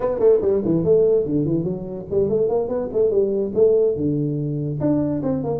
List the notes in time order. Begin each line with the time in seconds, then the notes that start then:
0.00 B3
0.19 A3
0.41 G3
0.65 E3
0.84 A3
1.25 D3
1.45 E3
1.64 F#3
2.10 G3
2.29 A3
2.48 A#3
2.68 B3
2.93 A3
3.10 G3
3.54 A3
3.96 D3
4.80 D4
5.23 C4
5.43 A#3